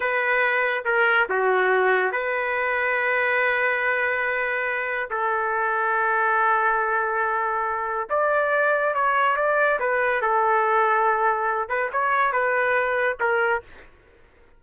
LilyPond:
\new Staff \with { instrumentName = "trumpet" } { \time 4/4 \tempo 4 = 141 b'2 ais'4 fis'4~ | fis'4 b'2.~ | b'1 | a'1~ |
a'2. d''4~ | d''4 cis''4 d''4 b'4 | a'2.~ a'8 b'8 | cis''4 b'2 ais'4 | }